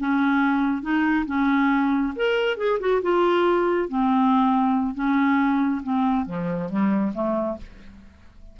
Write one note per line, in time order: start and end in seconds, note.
0.00 0.82 C#4
0.82 1.26 D#4
1.27 2.14 C#4
2.16 2.58 A#4
2.58 2.79 G#4
2.80 3.02 F#4
3.03 3.89 F4
3.89 4.95 C4
4.95 5.82 C#4
5.83 6.26 C4
6.26 6.70 F3
6.70 7.13 G3
7.14 7.58 A3